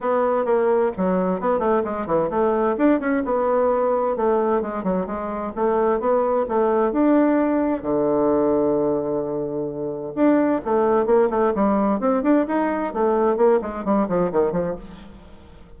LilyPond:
\new Staff \with { instrumentName = "bassoon" } { \time 4/4 \tempo 4 = 130 b4 ais4 fis4 b8 a8 | gis8 e8 a4 d'8 cis'8 b4~ | b4 a4 gis8 fis8 gis4 | a4 b4 a4 d'4~ |
d'4 d2.~ | d2 d'4 a4 | ais8 a8 g4 c'8 d'8 dis'4 | a4 ais8 gis8 g8 f8 dis8 f8 | }